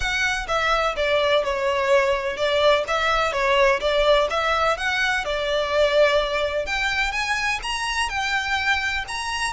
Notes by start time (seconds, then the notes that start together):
0.00 F#5
0.47 E5
0.96 D5
1.44 C#5
2.36 D5
2.87 E5
3.32 C#5
3.80 D5
4.30 E5
4.77 F#5
5.24 D5
6.65 G5
7.12 G#5
7.63 A#5
8.09 G5
9.07 A#5